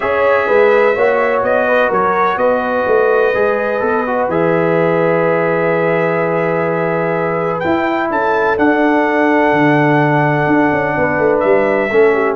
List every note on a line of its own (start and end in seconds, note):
0.00 0.48 C#4
0.00 0.94 G#4
0.00 0.47 C#5
0.00 1.43 E5
0.47 0.96 G#3
0.47 0.94 B4
0.94 1.42 A#3
0.94 3.34 F#4
0.94 1.66 C#5
1.42 1.90 B3
1.42 1.90 D#5
1.67 1.88 B4
1.88 2.37 F#3
1.88 2.36 A#4
1.88 2.38 C#5
2.37 2.84 B3
2.37 8.10 B4
2.37 4.28 D#5
2.86 3.34 A3
3.34 3.81 G#3
3.34 3.79 G#4
3.79 4.28 B3
3.79 4.03 A4
4.06 4.29 F#4
4.28 7.61 E3
4.28 7.63 G#4
4.28 7.59 E5
7.59 8.56 E4
7.59 8.10 E4
7.59 8.07 G5
8.10 8.57 C#4
8.10 10.96 A4
8.10 8.57 A5
8.56 11.90 D4
8.56 9.52 D4
8.56 11.39 F#5
9.52 10.47 D3
10.47 10.70 D4
10.72 10.95 C#4
10.96 11.18 B3
10.96 11.91 B4
11.18 11.42 A3
11.39 11.90 G3
11.39 12.34 E5
11.90 12.36 A3
11.90 12.36 C#4
11.90 12.13 A4
12.13 12.36 G4